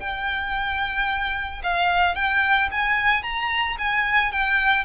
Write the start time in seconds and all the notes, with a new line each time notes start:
0.00 G5
1.63 F5
2.16 G5
2.71 G#5
3.23 A#5
3.79 G#5
4.32 G5